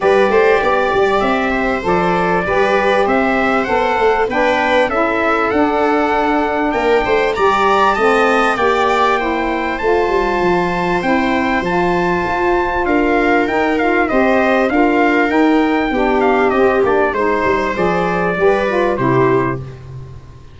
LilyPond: <<
  \new Staff \with { instrumentName = "trumpet" } { \time 4/4 \tempo 4 = 98 d''2 e''4 d''4~ | d''4 e''4 fis''4 g''4 | e''4 fis''2 g''4 | ais''4 a''4 g''2 |
a''2 g''4 a''4~ | a''4 f''4 g''8 f''8 dis''4 | f''4 g''4. f''8 dis''8 d''8 | c''4 d''2 c''4 | }
  \new Staff \with { instrumentName = "viola" } { \time 4/4 b'8 c''8 d''4. c''4. | b'4 c''2 b'4 | a'2. ais'8 c''8 | d''4 dis''4 d''4 c''4~ |
c''1~ | c''4 ais'2 c''4 | ais'2 g'2 | c''2 b'4 g'4 | }
  \new Staff \with { instrumentName = "saxophone" } { \time 4/4 g'2. a'4 | g'2 a'4 d'4 | e'4 d'2. | g'4 c'4 g'4 e'4 |
f'2 e'4 f'4~ | f'2 dis'8 f'8 g'4 | f'4 dis'4 d'4 c'8 d'8 | dis'4 gis'4 g'8 f'8 e'4 | }
  \new Staff \with { instrumentName = "tuba" } { \time 4/4 g8 a8 b8 g8 c'4 f4 | g4 c'4 b8 a8 b4 | cis'4 d'2 ais8 a8 | g4 a4 ais2 |
a8 g8 f4 c'4 f4 | f'4 d'4 dis'4 c'4 | d'4 dis'4 b4 c'8 ais8 | gis8 g8 f4 g4 c4 | }
>>